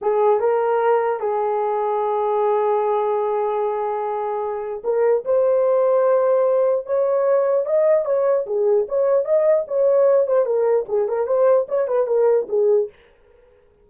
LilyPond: \new Staff \with { instrumentName = "horn" } { \time 4/4 \tempo 4 = 149 gis'4 ais'2 gis'4~ | gis'1~ | gis'1 | ais'4 c''2.~ |
c''4 cis''2 dis''4 | cis''4 gis'4 cis''4 dis''4 | cis''4. c''8 ais'4 gis'8 ais'8 | c''4 cis''8 b'8 ais'4 gis'4 | }